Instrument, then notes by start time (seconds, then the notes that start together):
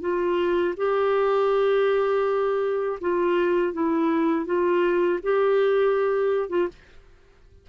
clarinet
0.00 F4
0.76 G4
3.00 F4
3.73 E4
4.45 F4
5.22 G4
6.49 F4